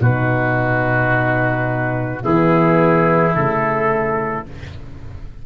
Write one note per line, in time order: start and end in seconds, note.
0.00 2.22 B2
0.00 2.22 D#4
0.00 2.22 F#4
0.00 2.24 B4
2.22 3.34 E3
2.22 3.34 B3
2.22 4.45 E4
2.22 3.35 G#4
3.34 4.45 C#3
3.34 4.46 A3
3.34 4.46 A4